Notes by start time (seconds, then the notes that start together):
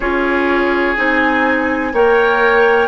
0.00 C#4 F4 G#4 C#5
0.96 C4 D#4 G#5
1.93 A#3 A#4 C#5 G5